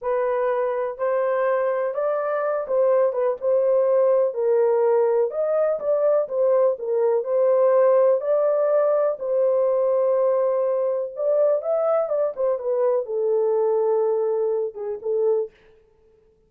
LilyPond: \new Staff \with { instrumentName = "horn" } { \time 4/4 \tempo 4 = 124 b'2 c''2 | d''4. c''4 b'8 c''4~ | c''4 ais'2 dis''4 | d''4 c''4 ais'4 c''4~ |
c''4 d''2 c''4~ | c''2. d''4 | e''4 d''8 c''8 b'4 a'4~ | a'2~ a'8 gis'8 a'4 | }